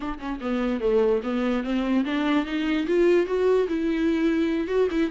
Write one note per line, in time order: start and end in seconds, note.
0.00 0.19 D4
0.19 0.39 C#4
0.40 0.80 B3
0.80 1.21 A3
1.23 1.63 B3
1.63 2.04 C4
2.04 2.45 D4
2.45 2.86 D#4
2.87 3.26 F4
3.26 3.67 F#4
3.68 4.67 E4
4.67 4.88 F#4
4.91 5.10 E4